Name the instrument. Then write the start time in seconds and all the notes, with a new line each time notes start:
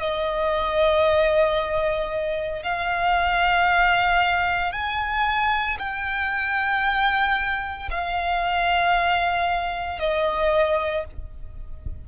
violin
0.00 D#5
2.63 F5
4.72 G#5
5.78 G5
7.90 F5
9.99 D#5